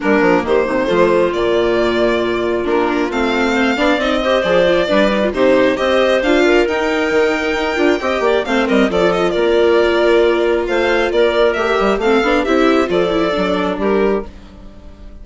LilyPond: <<
  \new Staff \with { instrumentName = "violin" } { \time 4/4 \tempo 4 = 135 ais'4 c''2 d''4~ | d''2 ais'4 f''4~ | f''4 dis''4 d''2 | c''4 dis''4 f''4 g''4~ |
g''2. f''8 dis''8 | d''8 dis''8 d''2. | f''4 d''4 e''4 f''4 | e''4 d''2 ais'4 | }
  \new Staff \with { instrumentName = "clarinet" } { \time 4/4 d'4 g'8 dis'8 f'2~ | f'1 | c''8 d''4 c''4. b'4 | g'4 c''4. ais'4.~ |
ais'2 dis''8 d''8 c''8 ais'8 | a'4 ais'2. | c''4 ais'2 a'4 | g'4 a'2 g'4 | }
  \new Staff \with { instrumentName = "viola" } { \time 4/4 ais2 a4 ais4~ | ais2 d'4 c'4~ | c'8 d'8 dis'8 g'8 gis'8 f'8 d'8 dis'16 f'16 | dis'4 g'4 f'4 dis'4~ |
dis'4. f'8 g'4 c'4 | f'1~ | f'2 g'4 c'8 d'8 | e'4 f'8 e'8 d'2 | }
  \new Staff \with { instrumentName = "bassoon" } { \time 4/4 g8 f8 dis8 c8 f4 ais,4~ | ais,2 ais4 a4~ | a8 b8 c'4 f4 g4 | c4 c'4 d'4 dis'4 |
dis4 dis'8 d'8 c'8 ais8 a8 g8 | f4 ais2. | a4 ais4 a8 g8 a8 b8 | c'4 f4 fis4 g4 | }
>>